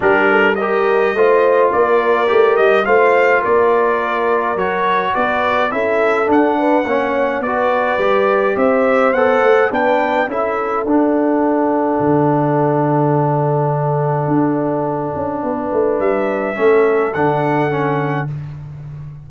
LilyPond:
<<
  \new Staff \with { instrumentName = "trumpet" } { \time 4/4 \tempo 4 = 105 ais'4 dis''2 d''4~ | d''8 dis''8 f''4 d''2 | cis''4 d''4 e''4 fis''4~ | fis''4 d''2 e''4 |
fis''4 g''4 e''4 fis''4~ | fis''1~ | fis''1 | e''2 fis''2 | }
  \new Staff \with { instrumentName = "horn" } { \time 4/4 g'8 a'8 ais'4 c''4 ais'4~ | ais'4 c''4 ais'2~ | ais'4 b'4 a'4. b'8 | cis''4 b'2 c''4~ |
c''4 b'4 a'2~ | a'1~ | a'2. b'4~ | b'4 a'2. | }
  \new Staff \with { instrumentName = "trombone" } { \time 4/4 d'4 g'4 f'2 | g'4 f'2. | fis'2 e'4 d'4 | cis'4 fis'4 g'2 |
a'4 d'4 e'4 d'4~ | d'1~ | d'1~ | d'4 cis'4 d'4 cis'4 | }
  \new Staff \with { instrumentName = "tuba" } { \time 4/4 g2 a4 ais4 | a8 g8 a4 ais2 | fis4 b4 cis'4 d'4 | ais4 b4 g4 c'4 |
b8 a8 b4 cis'4 d'4~ | d'4 d2.~ | d4 d'4. cis'8 b8 a8 | g4 a4 d2 | }
>>